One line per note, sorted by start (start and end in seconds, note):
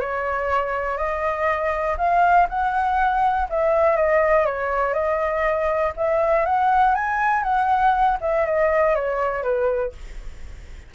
0.00 0.97 C#5
0.97 1.97 D#5
1.98 2.47 F5
2.50 3.49 F#5
3.50 3.96 E5
3.96 4.46 D#5
4.46 4.94 C#5
4.94 5.93 D#5
5.97 6.46 E5
6.46 6.95 F#5
6.95 7.43 G#5
7.43 8.18 F#5
8.21 8.46 E5
8.46 8.95 D#5
8.95 9.43 C#5
9.43 9.92 B4